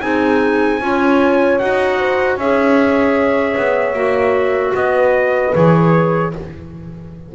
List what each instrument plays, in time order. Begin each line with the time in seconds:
0.00 double bass C4, clarinet D#4, horn G#4, trumpet G#5
0.81 double bass C#4, clarinet F4, horn C#5
1.58 double bass D#4, clarinet F#4, trumpet F#5
1.99 horn C5
2.36 double bass C#4, clarinet G#4, horn C#5, trumpet E5
3.57 double bass B3
3.93 double bass A#3, clarinet F#4
4.75 double bass B3, horn B4, trumpet D#5
5.53 double bass E3, clarinet G#4, trumpet C#5